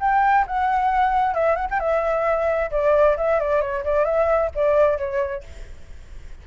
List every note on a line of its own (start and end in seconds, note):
0.00 0.45 G5
0.47 1.35 F#5
1.35 1.56 E5
1.56 1.67 F#5
1.71 1.80 G5
1.80 2.71 E5
2.71 3.17 D5
3.17 3.40 E5
3.40 3.61 D5
3.61 3.84 C#5
3.84 4.05 D5
4.05 4.51 E5
4.55 4.98 D5
4.98 5.44 C#5